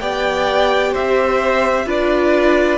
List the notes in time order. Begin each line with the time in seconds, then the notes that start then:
0.00 B3 G4 D5 G5
0.92 C4 C5 E5
1.86 D4 F4 B4 D5